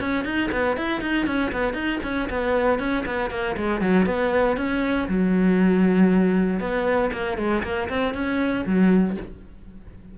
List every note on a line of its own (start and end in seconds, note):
0.00 0.24 C#4
0.24 0.50 D#4
0.51 0.77 B3
0.77 1.01 E4
1.01 1.26 D#4
1.26 1.51 C#4
1.52 1.73 B3
1.73 1.99 D#4
2.03 2.29 C#4
2.29 2.79 B3
2.79 3.04 C#4
3.06 3.30 B3
3.30 3.56 A#3
3.56 3.80 G#3
3.80 4.06 F#3
4.06 4.56 B3
4.56 5.07 C#4
5.08 6.60 F#3
6.60 7.11 B3
7.12 7.37 A#3
7.37 7.63 G#3
7.63 7.88 A#3
7.89 8.14 C4
8.14 8.64 C#4
8.66 9.16 F#3